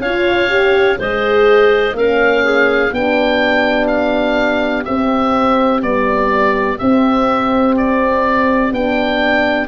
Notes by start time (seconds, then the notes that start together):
0.00 C#4 F4 C#5 F5
0.49 G4
0.98 G#3 G#4 C5 D#5
1.93 A#3 C#4 A#4 F5
2.44 G#4
2.91 B3 D4 G4 G5
3.87 F5
4.85 C4 E5
5.82 G3 B3 D5
6.78 C4 E5
7.77 D5
8.71 B3 D4 G5